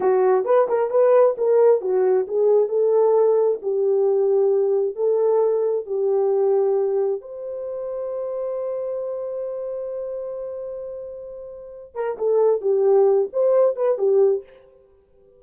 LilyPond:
\new Staff \with { instrumentName = "horn" } { \time 4/4 \tempo 4 = 133 fis'4 b'8 ais'8 b'4 ais'4 | fis'4 gis'4 a'2 | g'2. a'4~ | a'4 g'2. |
c''1~ | c''1~ | c''2~ c''8 ais'8 a'4 | g'4. c''4 b'8 g'4 | }